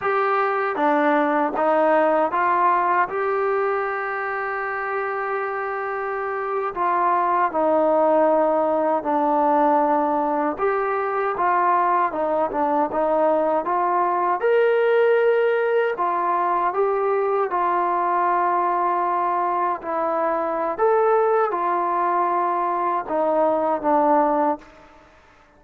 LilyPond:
\new Staff \with { instrumentName = "trombone" } { \time 4/4 \tempo 4 = 78 g'4 d'4 dis'4 f'4 | g'1~ | g'8. f'4 dis'2 d'16~ | d'4.~ d'16 g'4 f'4 dis'16~ |
dis'16 d'8 dis'4 f'4 ais'4~ ais'16~ | ais'8. f'4 g'4 f'4~ f'16~ | f'4.~ f'16 e'4~ e'16 a'4 | f'2 dis'4 d'4 | }